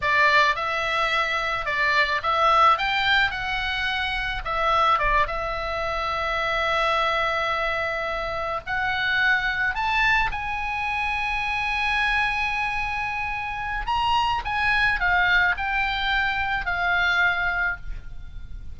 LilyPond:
\new Staff \with { instrumentName = "oboe" } { \time 4/4 \tempo 4 = 108 d''4 e''2 d''4 | e''4 g''4 fis''2 | e''4 d''8 e''2~ e''8~ | e''2.~ e''8 fis''8~ |
fis''4. a''4 gis''4.~ | gis''1~ | gis''4 ais''4 gis''4 f''4 | g''2 f''2 | }